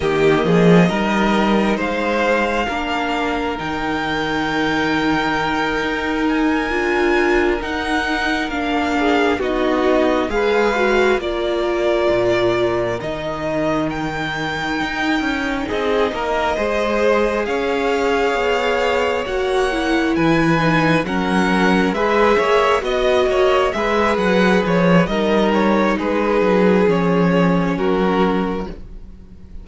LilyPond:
<<
  \new Staff \with { instrumentName = "violin" } { \time 4/4 \tempo 4 = 67 dis''2 f''2 | g''2. gis''4~ | gis''8 fis''4 f''4 dis''4 f''8~ | f''8 d''2 dis''4 g''8~ |
g''4. dis''2 f''8~ | f''4. fis''4 gis''4 fis''8~ | fis''8 e''4 dis''4 e''8 fis''8 cis''8 | dis''8 cis''8 b'4 cis''4 ais'4 | }
  \new Staff \with { instrumentName = "violin" } { \time 4/4 g'8 gis'8 ais'4 c''4 ais'4~ | ais'1~ | ais'2 gis'8 fis'4 b'8~ | b'8 ais'2.~ ais'8~ |
ais'4. gis'8 ais'8 c''4 cis''8~ | cis''2~ cis''8 b'4 ais'8~ | ais'8 b'8 cis''8 dis''8 cis''8 b'4. | ais'4 gis'2 fis'4 | }
  \new Staff \with { instrumentName = "viola" } { \time 4/4 ais4 dis'2 d'4 | dis'2.~ dis'8 f'8~ | f'8 dis'4 d'4 dis'4 gis'8 | fis'8 f'2 dis'4.~ |
dis'2~ dis'8 gis'4.~ | gis'4. fis'8 e'4 dis'8 cis'8~ | cis'8 gis'4 fis'4 gis'4. | dis'2 cis'2 | }
  \new Staff \with { instrumentName = "cello" } { \time 4/4 dis8 f8 g4 gis4 ais4 | dis2~ dis8 dis'4 d'8~ | d'8 dis'4 ais4 b4 gis8~ | gis8 ais4 ais,4 dis4.~ |
dis8 dis'8 cis'8 c'8 ais8 gis4 cis'8~ | cis'8 b4 ais4 e4 fis8~ | fis8 gis8 ais8 b8 ais8 gis8 fis8 f8 | g4 gis8 fis8 f4 fis4 | }
>>